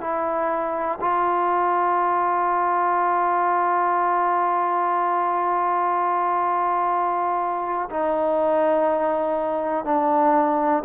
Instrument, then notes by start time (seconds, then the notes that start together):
trombone
0.00 E4
1.00 F4
7.90 D#4
9.85 D4